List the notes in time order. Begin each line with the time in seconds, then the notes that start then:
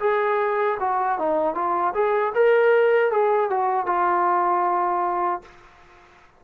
0.00 G#4
0.80 F#4
1.19 D#4
1.55 F4
1.94 G#4
2.35 A#4
3.11 G#4
3.50 F#4
3.86 F4